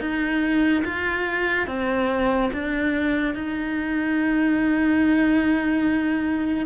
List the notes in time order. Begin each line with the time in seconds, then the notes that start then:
0.00 D#4
0.84 F4
1.67 C4
2.53 D4
3.34 D#4